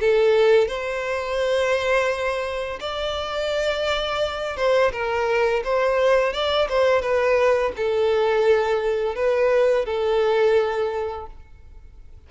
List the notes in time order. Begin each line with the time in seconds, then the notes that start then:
0.00 A4
0.67 C5
2.80 D5
4.56 C5
4.92 A#4
5.64 C5
6.33 D5
6.69 C5
7.01 B4
7.76 A4
9.15 B4
9.85 A4